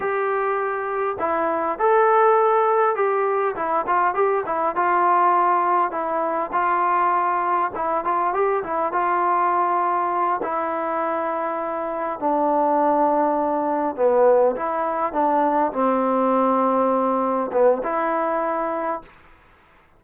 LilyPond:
\new Staff \with { instrumentName = "trombone" } { \time 4/4 \tempo 4 = 101 g'2 e'4 a'4~ | a'4 g'4 e'8 f'8 g'8 e'8 | f'2 e'4 f'4~ | f'4 e'8 f'8 g'8 e'8 f'4~ |
f'4. e'2~ e'8~ | e'8 d'2. b8~ | b8 e'4 d'4 c'4.~ | c'4. b8 e'2 | }